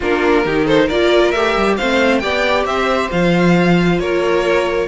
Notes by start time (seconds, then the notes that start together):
0.00 A#3 D4 F4 A#4
0.45 D#3 D#4 G4
0.65 A4 C5
0.86 A#3 F4 A#4 D5
1.31 A3 G4 E5
1.56 G3
1.76 A3 C4 C5 F5
2.19 B3 G4 D5 G5
2.64 C4 C5 E5
3.10 F3 F4 F5
3.99 A#3 A#4 C#5